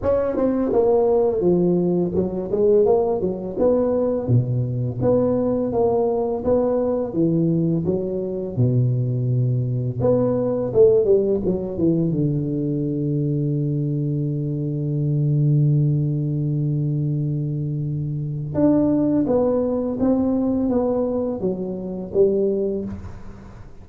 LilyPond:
\new Staff \with { instrumentName = "tuba" } { \time 4/4 \tempo 4 = 84 cis'8 c'8 ais4 f4 fis8 gis8 | ais8 fis8 b4 b,4 b4 | ais4 b4 e4 fis4 | b,2 b4 a8 g8 |
fis8 e8 d2.~ | d1~ | d2 d'4 b4 | c'4 b4 fis4 g4 | }